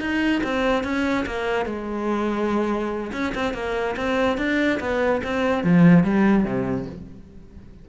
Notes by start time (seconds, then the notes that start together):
0.00 D#4
0.43 C4
0.83 C#4
1.26 A#3
1.65 G#3
3.12 C#4
3.34 C4
3.54 A#3
3.96 C4
4.37 D4
4.80 B3
5.23 C4
5.63 F3
6.03 G3
6.44 C3